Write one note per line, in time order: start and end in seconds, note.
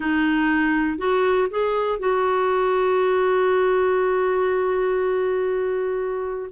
0.00 0.98 D#4
0.98 1.48 F#4
1.50 1.99 G#4
1.99 6.49 F#4